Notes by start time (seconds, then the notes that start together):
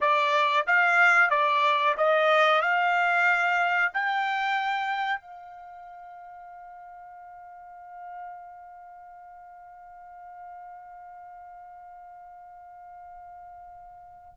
0.01 D5
0.67 F5
1.30 D5
1.97 D#5
2.61 F5
3.93 G5
5.20 F5